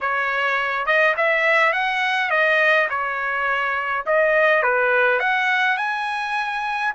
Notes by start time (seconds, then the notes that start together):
0.01 C#5
0.85 D#5
1.16 E5
1.73 F#5
2.30 D#5
2.89 C#5
4.05 D#5
4.62 B4
5.19 F#5
5.77 G#5